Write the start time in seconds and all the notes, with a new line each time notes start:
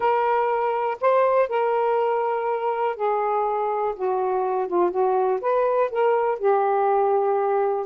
0.00 A#4
1.00 C5
1.48 A#4
2.96 G#4
3.95 F#4
4.67 F4
4.90 F#4
5.41 B4
5.90 A#4
6.38 G4